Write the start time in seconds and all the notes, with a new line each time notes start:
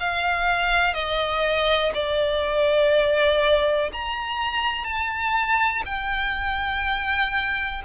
0.00 F5
0.94 D#5
1.94 D5
3.93 A#5
4.84 A5
5.86 G5